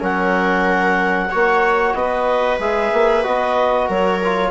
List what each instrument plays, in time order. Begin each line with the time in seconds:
0.00 bassoon F#3, trombone C#4, viola A#4, clarinet F#5
1.30 bassoon A#3, trombone F#4, viola C#5
1.94 bassoon B3, viola B4, clarinet D#5
2.59 bassoon G#3, trombone G#4, clarinet E5
2.93 bassoon A#3
3.23 bassoon B3, trombone F#4, clarinet D#5
3.87 bassoon F#3, viola A#4, clarinet C#5
4.24 trombone F4